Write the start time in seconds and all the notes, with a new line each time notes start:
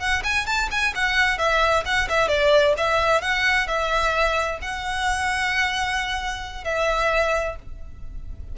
0.00 F#5
0.24 G#5
0.46 A5
0.71 G#5
0.96 F#5
1.38 E5
1.86 F#5
2.09 E5
2.29 D5
2.78 E5
3.22 F#5
3.68 E5
4.62 F#5
6.65 E5